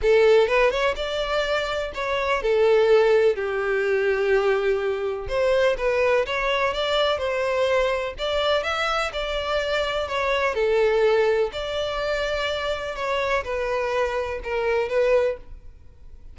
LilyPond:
\new Staff \with { instrumentName = "violin" } { \time 4/4 \tempo 4 = 125 a'4 b'8 cis''8 d''2 | cis''4 a'2 g'4~ | g'2. c''4 | b'4 cis''4 d''4 c''4~ |
c''4 d''4 e''4 d''4~ | d''4 cis''4 a'2 | d''2. cis''4 | b'2 ais'4 b'4 | }